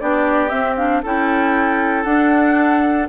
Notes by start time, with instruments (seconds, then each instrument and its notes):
0.00 bassoon B3, clarinet D4, oboe G4, flute D5
0.49 clarinet C4, bassoon C4, flute E5
0.77 clarinet D4, flute F5
1.03 bassoon C#4, clarinet E4, oboe A4, flute G5
2.04 bassoon D4, clarinet D4, flute F#5